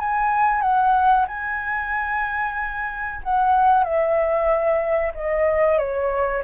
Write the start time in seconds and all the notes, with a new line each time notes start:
0.00 G#5
0.62 F#5
1.28 G#5
3.24 F#5
3.84 E5
5.15 D#5
5.79 C#5